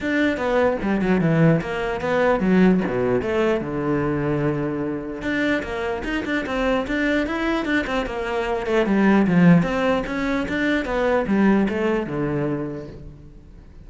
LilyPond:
\new Staff \with { instrumentName = "cello" } { \time 4/4 \tempo 4 = 149 d'4 b4 g8 fis8 e4 | ais4 b4 fis4 b,4 | a4 d2.~ | d4 d'4 ais4 dis'8 d'8 |
c'4 d'4 e'4 d'8 c'8 | ais4. a8 g4 f4 | c'4 cis'4 d'4 b4 | g4 a4 d2 | }